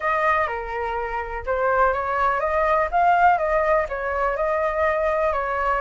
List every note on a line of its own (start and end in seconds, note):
0.00 0.47 D#5
0.47 1.44 A#4
1.46 1.93 C5
1.93 2.40 C#5
2.40 2.88 D#5
2.91 3.38 F5
3.38 3.86 D#5
3.88 4.36 C#5
4.36 5.32 D#5
5.32 5.81 C#5